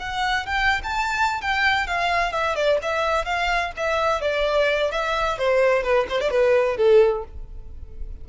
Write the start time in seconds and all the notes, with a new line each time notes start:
0.00 F#5
0.47 G5
0.84 A5
1.42 G5
1.87 F5
2.32 E5
2.56 D5
2.83 E5
3.26 F5
3.77 E5
4.21 D5
4.92 E5
5.39 C5
5.84 B4
6.10 C5
6.21 D5
6.31 B4
6.78 A4